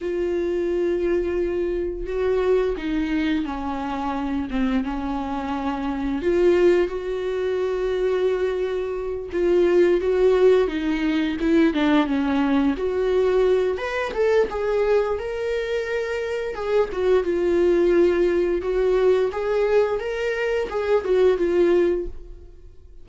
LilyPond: \new Staff \with { instrumentName = "viola" } { \time 4/4 \tempo 4 = 87 f'2. fis'4 | dis'4 cis'4. c'8 cis'4~ | cis'4 f'4 fis'2~ | fis'4. f'4 fis'4 dis'8~ |
dis'8 e'8 d'8 cis'4 fis'4. | b'8 a'8 gis'4 ais'2 | gis'8 fis'8 f'2 fis'4 | gis'4 ais'4 gis'8 fis'8 f'4 | }